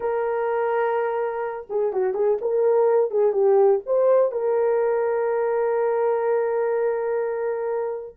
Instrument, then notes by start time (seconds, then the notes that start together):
horn
0.00 A#4
1.69 G#4
1.92 F#4
2.14 G#4
2.41 A#4
3.11 G#4
3.32 G4
3.86 C5
4.31 A#4